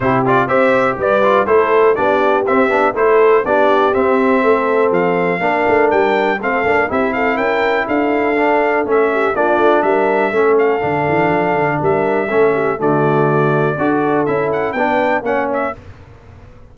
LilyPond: <<
  \new Staff \with { instrumentName = "trumpet" } { \time 4/4 \tempo 4 = 122 c''8 d''8 e''4 d''4 c''4 | d''4 e''4 c''4 d''4 | e''2 f''2 | g''4 f''4 e''8 f''8 g''4 |
f''2 e''4 d''4 | e''4. f''2~ f''8 | e''2 d''2~ | d''4 e''8 fis''8 g''4 fis''8 e''8 | }
  \new Staff \with { instrumentName = "horn" } { \time 4/4 g'4 c''4 b'4 a'4 | g'2 a'4 g'4~ | g'4 a'2 ais'4~ | ais'4 a'4 g'8 a'8 ais'4 |
a'2~ a'8 g'8 f'4 | ais'4 a'2. | ais'4 a'8 g'8 fis'2 | a'2 b'4 cis''4 | }
  \new Staff \with { instrumentName = "trombone" } { \time 4/4 e'8 f'8 g'4. f'8 e'4 | d'4 c'8 d'8 e'4 d'4 | c'2. d'4~ | d'4 c'8 d'8 e'2~ |
e'4 d'4 cis'4 d'4~ | d'4 cis'4 d'2~ | d'4 cis'4 a2 | fis'4 e'4 d'4 cis'4 | }
  \new Staff \with { instrumentName = "tuba" } { \time 4/4 c4 c'4 g4 a4 | b4 c'8 b8 a4 b4 | c'4 a4 f4 ais8 a8 | g4 a8 ais8 c'4 cis'4 |
d'2 a4 ais8 a8 | g4 a4 d8 e8 f8 d8 | g4 a4 d2 | d'4 cis'4 b4 ais4 | }
>>